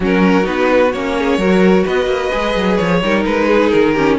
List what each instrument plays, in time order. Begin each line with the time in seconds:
0.00 cello F#3, viola C#4, violin F#4 A#4
0.43 cello B3, viola D#4, violin B4
0.92 cello A#3, viola C#4, violin C#5
1.18 violin G#4
1.37 cello F#3, viola F#4, violin A#4
1.84 cello B3, violin B4 D#5
2.05 cello A#3
2.31 cello G#3, viola G#4
2.55 cello F#3
2.76 cello F3, violin C#5
3.02 cello G3, viola D#4, violin A#4
3.25 cello G#3, violin B4
3.48 violin G#4
3.69 cello D#3, violin A#4
3.94 viola C#4, violin G4